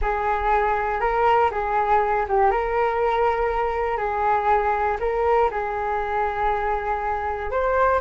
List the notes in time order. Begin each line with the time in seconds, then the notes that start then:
0.01 G#4
1.00 A#4
1.51 G#4
2.28 G4
2.50 A#4
3.97 G#4
5.00 A#4
5.50 G#4
7.50 C5